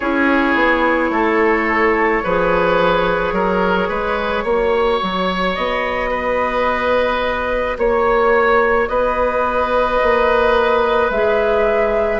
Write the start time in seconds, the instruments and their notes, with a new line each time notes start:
0.00 bassoon C#4, clarinet E4, oboe G#4, flute C#5
0.54 bassoon B3
1.10 bassoon A3, oboe A4
2.23 bassoon F3, clarinet G#4, oboe B4
3.32 bassoon F#3, oboe A#4
3.88 bassoon G#3, oboe B4
4.43 bassoon A#3, clarinet F#4, oboe C#5
5.02 bassoon F#3
5.54 bassoon B3, flute D#5
6.10 oboe B4
7.77 bassoon A#3, oboe C#5, flute C#5
8.88 bassoon B3, oboe B4, flute D#5
10.02 bassoon A#3
11.10 bassoon G#3, clarinet G#4, flute E5